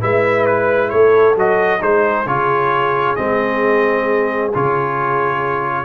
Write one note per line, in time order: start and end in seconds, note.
0.00 0.92 G#3
0.00 1.35 E4
0.00 0.90 B4
0.00 0.46 E5
0.46 0.89 B4
0.89 1.35 A3
0.89 1.80 A4
0.89 1.34 C#5
1.35 1.80 F#3
1.35 1.79 F#4
1.35 1.82 D#5
1.79 2.25 G#3
1.79 2.24 D#4
1.79 5.85 G#4
1.79 2.27 C5
2.25 3.16 C#3
2.25 3.17 F4
2.25 3.15 C#5
3.15 4.53 G#3
3.15 4.52 C4
3.15 4.51 D#5
4.54 5.85 C#3
4.54 5.85 F4
4.54 5.85 C#5